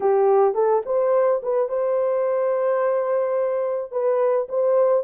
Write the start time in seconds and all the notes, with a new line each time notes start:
0.00 G4
0.54 A4
0.85 C5
1.42 B4
1.68 C5
3.91 B4
4.49 C5